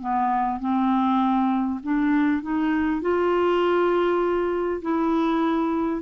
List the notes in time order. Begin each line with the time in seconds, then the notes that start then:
0.00 B3
0.59 C4
1.83 D4
2.42 D#4
3.01 F4
4.82 E4